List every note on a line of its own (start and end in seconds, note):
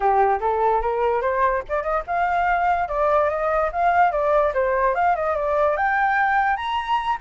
0.00 0.39 G4
0.40 0.81 A4
0.81 1.21 A#4
1.21 1.62 C5
1.68 1.83 D5
1.83 2.03 D#5
2.07 2.88 F5
2.88 3.29 D5
3.29 3.70 D#5
3.72 4.11 F5
4.11 4.52 D5
4.54 4.94 C5
4.94 5.15 F5
5.15 5.35 D#5
5.35 5.76 D5
5.76 6.56 G5
6.56 7.18 A#5